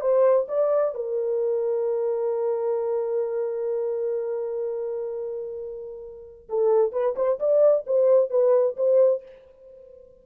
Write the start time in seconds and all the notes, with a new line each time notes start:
0.00 C5
0.48 D5
0.94 A#4
6.49 A4
6.92 B4
7.15 C5
7.39 D5
7.86 C5
8.30 B4
8.76 C5